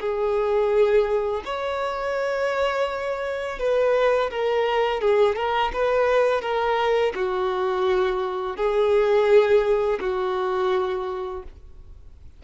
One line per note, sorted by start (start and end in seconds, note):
0.00 1.43 G#4
1.45 3.59 C#5
3.59 4.30 B4
4.30 5.01 A#4
5.01 5.36 G#4
5.36 5.71 A#4
5.73 6.41 B4
6.41 7.13 A#4
7.15 8.56 F#4
8.56 9.99 G#4
10.00 11.43 F#4